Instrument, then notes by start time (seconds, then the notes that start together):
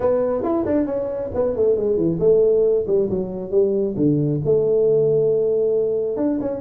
tuba
0.00 B3
0.43 E4
0.65 D4
0.86 C#4
1.34 B3
1.56 A3
1.76 G#3
1.97 E3
2.19 A3
2.87 G3
3.09 F#3
3.51 G3
3.96 D3
4.45 A3
6.16 D4
6.40 C#4